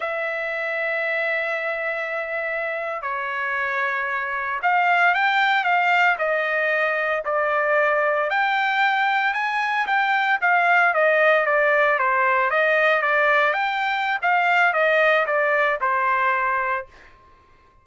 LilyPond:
\new Staff \with { instrumentName = "trumpet" } { \time 4/4 \tempo 4 = 114 e''1~ | e''4.~ e''16 cis''2~ cis''16~ | cis''8. f''4 g''4 f''4 dis''16~ | dis''4.~ dis''16 d''2 g''16~ |
g''4.~ g''16 gis''4 g''4 f''16~ | f''8. dis''4 d''4 c''4 dis''16~ | dis''8. d''4 g''4~ g''16 f''4 | dis''4 d''4 c''2 | }